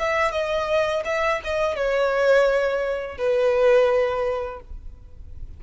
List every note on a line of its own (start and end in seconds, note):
0.00 0.32 E5
0.32 1.04 D#5
1.06 1.41 E5
1.44 1.76 D#5
1.76 3.18 C#5
3.18 4.61 B4